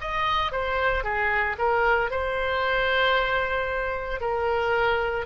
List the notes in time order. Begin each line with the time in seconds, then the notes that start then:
0.00 D#5
0.51 C5
1.03 G#4
1.58 A#4
2.10 C5
4.20 A#4